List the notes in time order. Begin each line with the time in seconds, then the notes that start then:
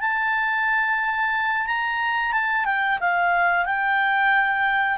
0.00 A5
1.67 A#5
2.32 A5
2.65 G5
3.00 F5
3.65 G5